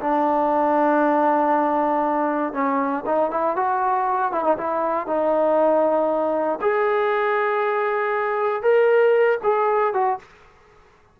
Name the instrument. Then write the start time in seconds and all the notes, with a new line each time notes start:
trombone
0.00 D4
2.53 C#4
3.06 D#4
3.31 E4
3.56 F#4
4.32 E4
4.44 D#4
4.57 E4
5.06 D#4
6.61 G#4
8.62 A#4
9.43 G#4
9.93 F#4